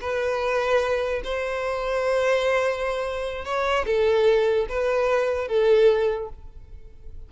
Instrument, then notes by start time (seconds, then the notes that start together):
violin
0.00 B4
1.23 C5
3.44 C#5
3.86 A4
4.69 B4
5.47 A4